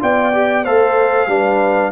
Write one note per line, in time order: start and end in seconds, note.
0.00 0.65 B3
0.00 0.32 F4
0.00 0.64 D5
0.00 0.65 G5
0.32 0.64 G4
0.64 1.27 A3
0.64 1.28 A4
0.64 1.28 C5
0.64 1.92 F5
1.27 1.91 G3
1.27 1.92 D4
1.27 1.92 B4